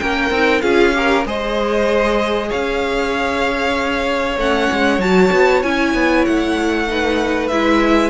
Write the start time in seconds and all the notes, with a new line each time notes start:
0.00 A#3 C#4 A#4 G5
0.31 C4 D#4
0.62 C#4 F4 G#4 F5
0.94 G4 A#4
1.26 G#3 G#4 C5 D#5
2.49 C#4 C#5 F5
4.37 A3 C#4 F#5
4.72 G#3
4.99 F#3 F#4 A5
5.32 B3
5.63 C#4 E4 G#5
5.94 B3
6.25 A3 F#5
6.88 D#4 B4
7.48 G#3 E4 E5